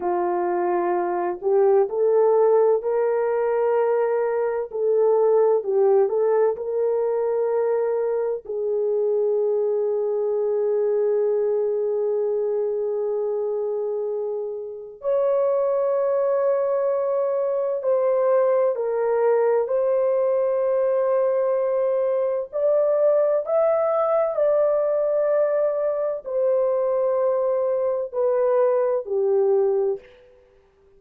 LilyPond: \new Staff \with { instrumentName = "horn" } { \time 4/4 \tempo 4 = 64 f'4. g'8 a'4 ais'4~ | ais'4 a'4 g'8 a'8 ais'4~ | ais'4 gis'2.~ | gis'1 |
cis''2. c''4 | ais'4 c''2. | d''4 e''4 d''2 | c''2 b'4 g'4 | }